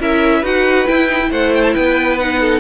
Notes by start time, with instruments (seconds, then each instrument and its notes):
0.00 cello C#4, viola E4, violin A#4 E5
0.39 cello D#4, viola F#4, violin B4 F#5
0.87 viola E4, cello E4, violin G5
1.09 viola D#4
1.21 viola E4
1.31 cello A3, violin C5 F#5
1.55 violin G5
1.62 violin A5
1.74 cello B3, violin B4 G5
2.18 viola D#4, violin F#5
2.41 violin A4